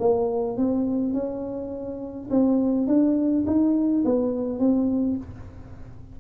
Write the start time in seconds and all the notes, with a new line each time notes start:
0.00 A#3
0.57 C4
1.14 C#4
2.31 C4
2.88 D4
3.47 D#4
4.05 B3
4.59 C4